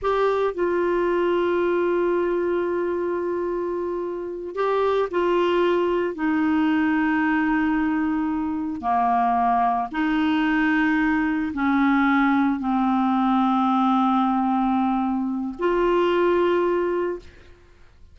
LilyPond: \new Staff \with { instrumentName = "clarinet" } { \time 4/4 \tempo 4 = 112 g'4 f'2.~ | f'1~ | f'8 g'4 f'2 dis'8~ | dis'1~ |
dis'8 ais2 dis'4.~ | dis'4. cis'2 c'8~ | c'1~ | c'4 f'2. | }